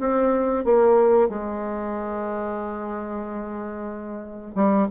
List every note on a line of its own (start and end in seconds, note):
0.00 0.65 C4
0.65 1.29 A#3
1.29 4.55 G#3
4.55 4.88 G3